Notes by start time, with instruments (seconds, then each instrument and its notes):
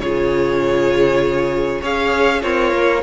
0.00 cello C#3, viola F4, violin G#4 C#5
1.81 cello C#4, viola G#4, violin C#5 F5
2.41 cello C4, violin F4 C#5, viola A#4
2.73 cello A#3